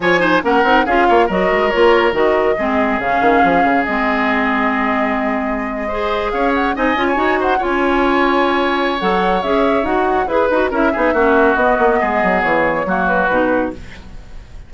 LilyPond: <<
  \new Staff \with { instrumentName = "flute" } { \time 4/4 \tempo 4 = 140 gis''4 fis''4 f''4 dis''4 | cis''4 dis''2 f''4~ | f''4 dis''2.~ | dis''2~ dis''8. f''8 fis''8 gis''16~ |
gis''4~ gis''16 fis''8 gis''2~ gis''16~ | gis''4 fis''4 e''4 fis''4 | b'4 e''2 dis''4~ | dis''4 cis''4. b'4. | }
  \new Staff \with { instrumentName = "oboe" } { \time 4/4 cis''8 c''8 ais'4 gis'8 cis''8 ais'4~ | ais'2 gis'2~ | gis'1~ | gis'4.~ gis'16 c''4 cis''4 dis''16~ |
dis''8 cis''8. c''8 cis''2~ cis''16~ | cis''1 | b'4 ais'8 gis'8 fis'2 | gis'2 fis'2 | }
  \new Staff \with { instrumentName = "clarinet" } { \time 4/4 f'8 dis'8 cis'8 dis'8 f'4 fis'4 | f'4 fis'4 c'4 cis'4~ | cis'4 c'2.~ | c'4.~ c'16 gis'2 dis'16~ |
dis'16 f'8 fis'4 f'2~ f'16~ | f'4 a'4 gis'4 fis'4 | gis'8 fis'8 e'8 dis'8 cis'4 b4~ | b2 ais4 dis'4 | }
  \new Staff \with { instrumentName = "bassoon" } { \time 4/4 f4 ais8 c'8 cis'8 ais8 fis8 gis8 | ais4 dis4 gis4 cis8 dis8 | f8 cis8 gis2.~ | gis2~ gis8. cis'4 c'16~ |
c'16 cis'8 dis'4 cis'2~ cis'16~ | cis'4 fis4 cis'4 dis'4 | e'8 dis'8 cis'8 b8 ais4 b8 ais8 | gis8 fis8 e4 fis4 b,4 | }
>>